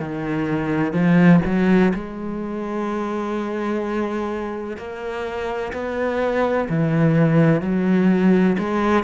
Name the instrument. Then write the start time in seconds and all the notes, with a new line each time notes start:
cello
0.00 D#3
0.94 F3
1.46 F#3
1.95 G#3
4.77 A#3
5.73 B3
6.70 E3
7.62 F#3
8.59 G#3